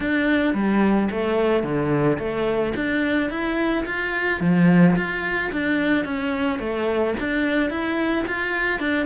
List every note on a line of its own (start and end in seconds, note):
0.00 0.54 D4
0.54 1.09 G3
1.10 1.63 A3
1.63 2.18 D3
2.18 2.73 A3
2.75 3.30 D4
3.30 3.85 E4
3.85 4.40 F4
4.40 4.95 F3
4.96 5.51 F4
5.51 6.05 D4
6.05 6.59 C#4
6.59 7.14 A3
7.19 7.70 D4
7.70 8.25 E4
8.27 8.79 F4
8.79 9.06 D4